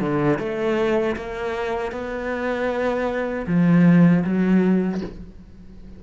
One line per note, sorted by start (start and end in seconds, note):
0.00 0.38 D3
0.39 1.16 A3
1.16 1.92 A#3
1.92 3.45 B3
3.47 4.24 F3
4.24 5.01 F#3